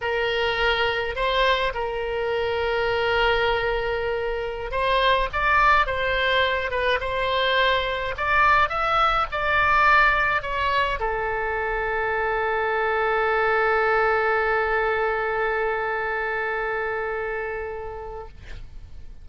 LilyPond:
\new Staff \with { instrumentName = "oboe" } { \time 4/4 \tempo 4 = 105 ais'2 c''4 ais'4~ | ais'1~ | ais'16 c''4 d''4 c''4. b'16~ | b'16 c''2 d''4 e''8.~ |
e''16 d''2 cis''4 a'8.~ | a'1~ | a'1~ | a'1 | }